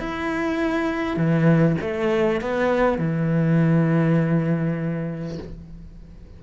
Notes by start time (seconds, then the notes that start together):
0.00 E4
1.17 E3
1.81 A3
2.41 B3
2.99 E3